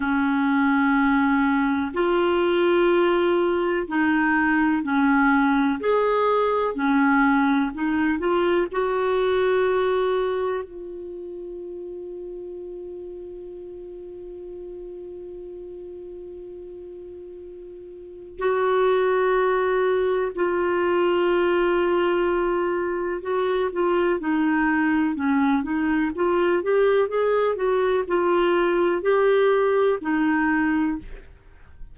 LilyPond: \new Staff \with { instrumentName = "clarinet" } { \time 4/4 \tempo 4 = 62 cis'2 f'2 | dis'4 cis'4 gis'4 cis'4 | dis'8 f'8 fis'2 f'4~ | f'1~ |
f'2. fis'4~ | fis'4 f'2. | fis'8 f'8 dis'4 cis'8 dis'8 f'8 g'8 | gis'8 fis'8 f'4 g'4 dis'4 | }